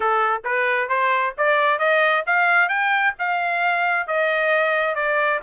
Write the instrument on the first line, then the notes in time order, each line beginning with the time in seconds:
trumpet
0.00 A4
0.44 B4
0.88 C5
1.37 D5
1.78 D#5
2.26 F5
2.68 G5
3.18 F5
4.07 D#5
4.95 D5